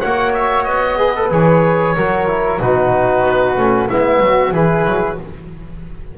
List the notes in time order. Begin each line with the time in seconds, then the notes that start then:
0.00 A#3 F#4 C#5 F#5
0.33 E5
0.64 B3 D#5
0.97 G#4 B4
1.16 A4
1.31 E3 G#4 C#5
1.96 F#3 F#4 A#4
2.27 E4
2.60 B2 D#4 F#4 B4
3.24 B3
3.56 A3 C#4
3.88 G#3 B3 E4 E5
4.20 F#3 F#4
4.51 E3 E4 G#4 B4
4.85 F#3